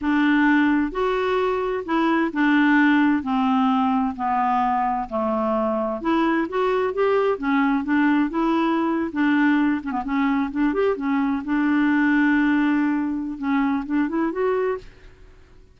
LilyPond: \new Staff \with { instrumentName = "clarinet" } { \time 4/4 \tempo 4 = 130 d'2 fis'2 | e'4 d'2 c'4~ | c'4 b2 a4~ | a4 e'4 fis'4 g'4 |
cis'4 d'4 e'4.~ e'16 d'16~ | d'4~ d'16 cis'16 b16 cis'4 d'8 g'8 cis'16~ | cis'8. d'2.~ d'16~ | d'4 cis'4 d'8 e'8 fis'4 | }